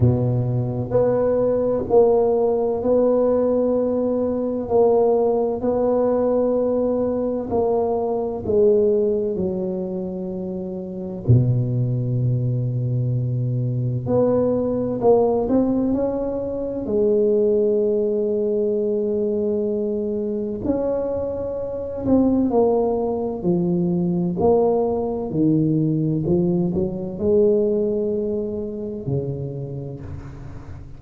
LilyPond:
\new Staff \with { instrumentName = "tuba" } { \time 4/4 \tempo 4 = 64 b,4 b4 ais4 b4~ | b4 ais4 b2 | ais4 gis4 fis2 | b,2. b4 |
ais8 c'8 cis'4 gis2~ | gis2 cis'4. c'8 | ais4 f4 ais4 dis4 | f8 fis8 gis2 cis4 | }